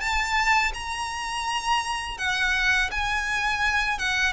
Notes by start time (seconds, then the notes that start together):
0.00 A5
0.74 A#5
2.18 F#5
2.91 G#5
3.99 F#5